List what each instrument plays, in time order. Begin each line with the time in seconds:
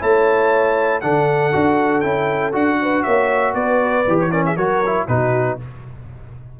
0.00 tuba A3, trombone E4, horn C#5, trumpet A5
1.01 tuba D3, trombone D4, horn A4, trumpet F#5
1.53 tuba D4, trombone F#4
2.01 tuba C#4, trombone E4, trumpet G5
2.53 tuba D4, trombone F#4, trumpet F#5
2.82 horn B4
3.03 tuba A#3, horn C#5, trumpet E5
3.54 tuba B3, horn B4, trumpet D5
4.08 tuba E3, trombone G4
4.21 trumpet C#5
4.32 trombone C#4, horn A#4, trumpet D5
4.46 horn G#4, trumpet E5
4.57 tuba F#3, trombone F#4, horn A#4, trumpet C#5
4.86 trombone E4
5.08 tuba B2, trombone D#4, horn F#4, trumpet B4